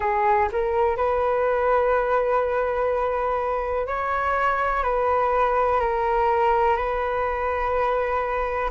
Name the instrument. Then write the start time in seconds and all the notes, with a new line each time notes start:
flute
0.00 G#4
0.51 A#4
0.97 B4
3.86 C#5
4.83 B4
5.79 A#4
6.76 B4